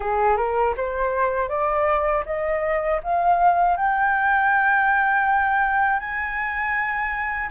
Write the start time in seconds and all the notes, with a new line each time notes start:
0.00 G#4
0.36 A#4
0.76 C5
1.48 D5
2.25 D#5
3.03 F5
3.77 G5
5.99 G#5